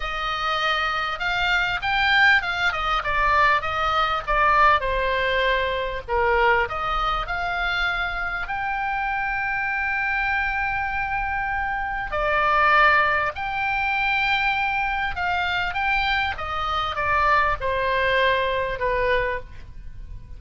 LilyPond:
\new Staff \with { instrumentName = "oboe" } { \time 4/4 \tempo 4 = 99 dis''2 f''4 g''4 | f''8 dis''8 d''4 dis''4 d''4 | c''2 ais'4 dis''4 | f''2 g''2~ |
g''1 | d''2 g''2~ | g''4 f''4 g''4 dis''4 | d''4 c''2 b'4 | }